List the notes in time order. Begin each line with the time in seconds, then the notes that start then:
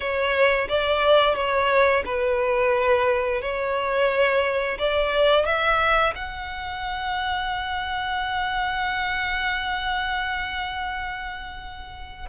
0.00 C#5
0.68 D5
1.35 C#5
2.05 B4
3.41 C#5
4.78 D5
5.45 E5
6.15 F#5